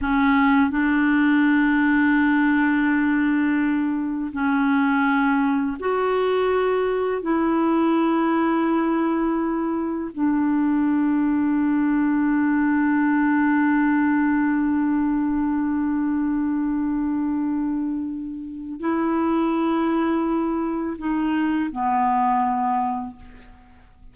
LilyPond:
\new Staff \with { instrumentName = "clarinet" } { \time 4/4 \tempo 4 = 83 cis'4 d'2.~ | d'2 cis'2 | fis'2 e'2~ | e'2 d'2~ |
d'1~ | d'1~ | d'2 e'2~ | e'4 dis'4 b2 | }